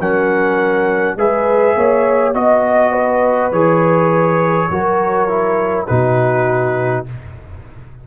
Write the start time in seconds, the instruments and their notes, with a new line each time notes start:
0.00 tuba F#3, trombone C#4, horn A#4, trumpet F#5
1.17 tuba G#3, trombone G#4, horn B4, trumpet E5
1.76 tuba A#3, horn C#5
2.35 tuba B3, trombone F#4, trumpet D#5, horn D#5
2.92 horn B4
3.52 tuba E3, trombone G#4, trumpet C#5
4.70 tuba F#3, trombone F#4, horn A#4
5.28 trombone E4
5.87 tuba B2, trombone D#4, horn F#4, trumpet B4